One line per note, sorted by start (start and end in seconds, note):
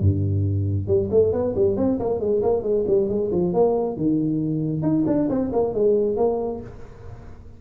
0.00 0.87 G2
0.87 1.09 G3
1.11 1.33 A3
1.33 1.55 B3
1.56 1.77 G3
1.77 1.99 C4
1.99 2.20 A#3
2.20 2.42 G#3
2.42 2.62 A#3
2.62 2.85 G#3
2.87 3.09 G3
3.09 3.31 G#3
3.31 3.54 F3
3.54 3.96 A#3
3.96 4.82 D#3
4.82 5.04 D#4
5.07 5.29 D4
5.29 5.51 C4
5.52 5.74 A#3
5.74 6.17 G#3
6.17 6.61 A#3